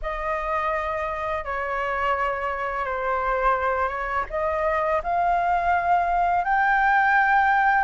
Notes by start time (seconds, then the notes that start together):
0.02 D#5
1.44 C#5
2.85 C5
3.88 C#5
4.30 D#5
5.03 F5
6.44 G5